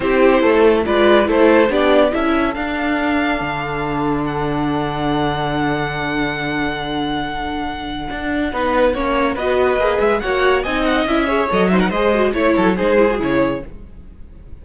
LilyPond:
<<
  \new Staff \with { instrumentName = "violin" } { \time 4/4 \tempo 4 = 141 c''2 d''4 c''4 | d''4 e''4 f''2~ | f''2 fis''2~ | fis''1~ |
fis''1~ | fis''2 dis''4. e''8 | fis''4 gis''8 fis''8 e''4 dis''8 e''16 fis''16 | dis''4 cis''4 c''4 cis''4 | }
  \new Staff \with { instrumentName = "violin" } { \time 4/4 g'4 a'4 b'4 a'4 | g'4 a'2.~ | a'1~ | a'1~ |
a'1 | b'4 cis''4 b'2 | cis''4 dis''4. cis''4 c''16 ais'16 | c''4 cis''8 a'8 gis'2 | }
  \new Staff \with { instrumentName = "viola" } { \time 4/4 e'2 f'4 e'4 | d'4 e'4 d'2~ | d'1~ | d'1~ |
d'1 | dis'4 cis'4 fis'4 gis'4 | fis'4 dis'4 e'8 gis'8 a'8 dis'8 | gis'8 fis'8 e'4 dis'8 e'16 fis'16 e'4 | }
  \new Staff \with { instrumentName = "cello" } { \time 4/4 c'4 a4 gis4 a4 | b4 cis'4 d'2 | d1~ | d1~ |
d2. d'4 | b4 ais4 b4 ais8 gis8 | ais4 c'4 cis'4 fis4 | gis4 a8 fis8 gis4 cis4 | }
>>